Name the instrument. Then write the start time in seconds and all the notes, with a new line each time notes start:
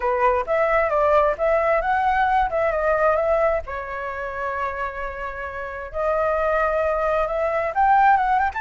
flute
0.00 B4
0.46 E5
0.89 D5
1.38 E5
1.81 F#5
2.50 E5
2.71 D#5
3.15 E5
3.66 C#5
5.92 D#5
7.27 E5
7.74 G5
8.17 F#5
8.39 G5
8.54 A5